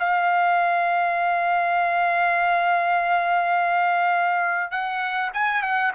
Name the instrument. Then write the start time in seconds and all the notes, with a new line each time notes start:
trumpet
0.00 F5
4.71 F#5
5.34 G#5
5.63 F#5